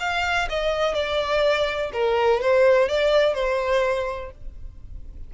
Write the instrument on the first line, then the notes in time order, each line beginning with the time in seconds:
violin
0.00 F5
0.49 D#5
0.94 D5
1.93 A#4
2.42 C5
2.89 D5
3.35 C5